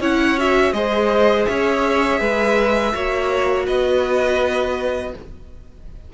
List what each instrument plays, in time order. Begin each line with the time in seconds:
0.00 cello C#4, viola E4, violin C#5 F#5
0.38 viola F#4, violin E5
0.73 cello G#3, viola G#4, violin C5 D#5
1.46 cello C#4, violin C#5 E5
2.21 cello G#3, violin B4
2.93 cello A#3, viola F#4, violin C#5
3.66 cello B3, violin B4 D#5